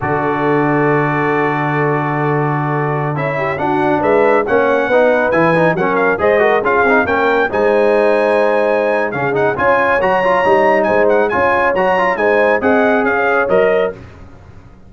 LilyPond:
<<
  \new Staff \with { instrumentName = "trumpet" } { \time 4/4 \tempo 4 = 138 d''1~ | d''2.~ d''16 e''8.~ | e''16 fis''4 e''4 fis''4.~ fis''16~ | fis''16 gis''4 fis''8 f''8 dis''4 f''8.~ |
f''16 g''4 gis''2~ gis''8.~ | gis''4 f''8 fis''8 gis''4 ais''4~ | ais''4 gis''8 fis''8 gis''4 ais''4 | gis''4 fis''4 f''4 dis''4 | }
  \new Staff \with { instrumentName = "horn" } { \time 4/4 a'1~ | a'2.~ a'8. g'16~ | g'16 fis'4 b'4 cis''4 b'8.~ | b'4~ b'16 ais'4 c''8 ais'8 gis'8.~ |
gis'16 ais'4 c''2~ c''8.~ | c''4 gis'4 cis''2~ | cis''4 c''4 cis''2 | c''4 dis''4 cis''2 | }
  \new Staff \with { instrumentName = "trombone" } { \time 4/4 fis'1~ | fis'2.~ fis'16 e'8.~ | e'16 d'2 cis'4 dis'8.~ | dis'16 e'8 dis'8 cis'4 gis'8 fis'8 f'8 dis'16~ |
dis'16 cis'4 dis'2~ dis'8.~ | dis'4 cis'8 dis'8 f'4 fis'8 f'8 | dis'2 f'4 fis'8 f'8 | dis'4 gis'2 ais'4 | }
  \new Staff \with { instrumentName = "tuba" } { \time 4/4 d1~ | d2.~ d16 cis'8.~ | cis'16 d'4 gis4 ais4 b8.~ | b16 e4 fis4 gis4 cis'8 c'16~ |
c'16 ais4 gis2~ gis8.~ | gis4 cis4 cis'4 fis4 | g4 gis4 cis'4 fis4 | gis4 c'4 cis'4 fis4 | }
>>